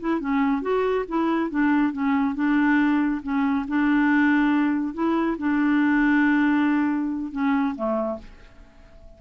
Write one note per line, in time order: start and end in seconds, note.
0.00 0.20 E4
0.20 0.62 C#4
0.62 1.05 F#4
1.08 1.50 E4
1.50 1.93 D4
1.93 2.35 C#4
2.35 3.22 D4
3.23 3.66 C#4
3.68 4.94 D4
4.94 5.37 E4
5.38 7.32 D4
7.32 7.75 C#4
7.76 8.19 A3